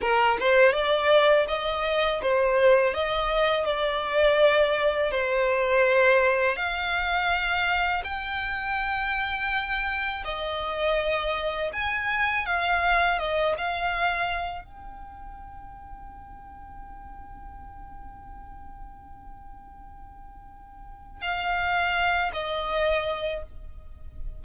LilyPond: \new Staff \with { instrumentName = "violin" } { \time 4/4 \tempo 4 = 82 ais'8 c''8 d''4 dis''4 c''4 | dis''4 d''2 c''4~ | c''4 f''2 g''4~ | g''2 dis''2 |
gis''4 f''4 dis''8 f''4. | g''1~ | g''1~ | g''4 f''4. dis''4. | }